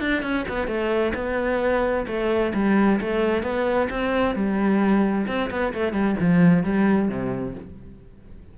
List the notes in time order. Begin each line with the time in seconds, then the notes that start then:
0.00 D4
0.22 C#4
0.48 B3
0.67 A3
1.14 B3
2.07 A3
2.54 G3
3.01 A3
3.42 B3
3.90 C4
4.35 G3
5.27 C4
5.50 B3
5.74 A3
5.93 G3
6.20 F3
6.63 G3
7.09 C3